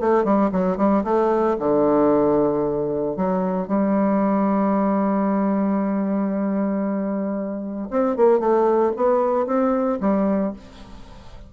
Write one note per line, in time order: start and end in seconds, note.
0.00 0.24 A3
0.24 0.50 G3
0.52 0.77 F#3
0.77 1.04 G3
1.04 1.57 A3
1.59 3.16 D3
3.16 3.67 F#3
3.67 7.89 G3
7.91 8.16 C4
8.16 8.40 A#3
8.40 8.92 A3
8.97 9.47 B3
9.47 9.99 C4
10.00 10.53 G3